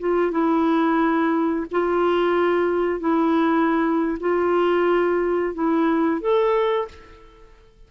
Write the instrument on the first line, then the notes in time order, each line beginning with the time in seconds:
clarinet
0.00 F4
0.32 E4
1.72 F4
3.01 E4
4.20 F4
5.55 E4
6.21 A4